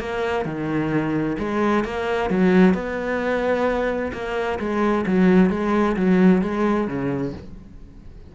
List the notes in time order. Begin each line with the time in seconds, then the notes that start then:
0.00 A#3
0.45 D#3
1.39 G#3
1.85 A#3
2.30 F#3
2.74 B3
4.13 A#3
4.59 G#3
5.07 F#3
5.50 G#3
5.97 F#3
6.42 G#3
6.88 C#3